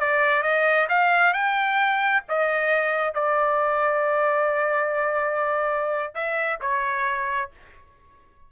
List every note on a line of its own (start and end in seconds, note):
0.00 0.43 D5
0.43 0.88 D#5
0.89 1.34 F5
1.34 2.23 G5
2.29 3.14 D#5
3.14 6.15 D5
6.15 6.60 E5
6.61 7.51 C#5